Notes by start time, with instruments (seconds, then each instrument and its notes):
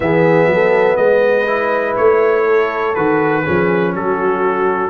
0.00 tuba E3, trombone B3, horn G#4, trumpet E5
0.47 tuba F#3
0.53 horn A4
0.96 tuba G#3, horn B4, trumpet D#5
1.46 trombone E4
1.96 tuba A3, trumpet C#5
2.44 horn A4
2.94 tuba D#3, trombone F#4, trumpet B4
3.43 tuba F3, trombone C#4, horn G#4
3.95 tuba F#3, horn F#4, trumpet A4